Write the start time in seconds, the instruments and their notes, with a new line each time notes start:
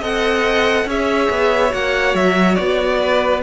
0.00 cello C4, viola A4, violin D#5 F#5
0.85 cello C#4, viola G#4, violin C#5 E5
1.30 cello B3
1.70 cello A#3, viola F#4, violin F#5
2.15 cello F#3, violin E5
2.55 cello B3, violin D5
3.00 violin B4